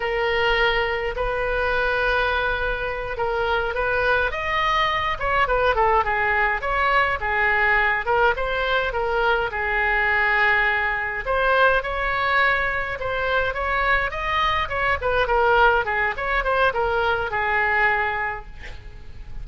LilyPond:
\new Staff \with { instrumentName = "oboe" } { \time 4/4 \tempo 4 = 104 ais'2 b'2~ | b'4. ais'4 b'4 dis''8~ | dis''4 cis''8 b'8 a'8 gis'4 cis''8~ | cis''8 gis'4. ais'8 c''4 ais'8~ |
ais'8 gis'2. c''8~ | c''8 cis''2 c''4 cis''8~ | cis''8 dis''4 cis''8 b'8 ais'4 gis'8 | cis''8 c''8 ais'4 gis'2 | }